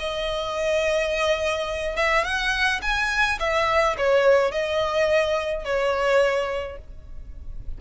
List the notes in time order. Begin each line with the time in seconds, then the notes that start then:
0.00 D#5
1.97 E5
2.25 F#5
2.83 G#5
3.40 E5
3.98 C#5
4.52 D#5
5.65 C#5